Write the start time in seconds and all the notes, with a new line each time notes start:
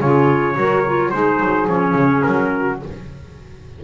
0.00 C#3 F4 G#4 C#5
0.55 F#3 F#4 A#4
0.87 F4
1.10 G#3 D#4 G#4 C5
1.40 F#3
1.67 F3 C#4 C#5
1.95 C#3
2.22 F#3 A#4
2.56 F#4